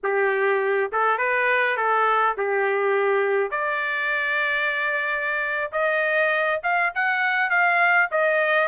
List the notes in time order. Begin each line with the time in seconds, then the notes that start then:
0.03 G4
0.91 A4
1.18 B4
1.76 A4
2.37 G4
3.50 D5
5.72 D#5
6.63 F5
6.94 F#5
7.50 F5
8.11 D#5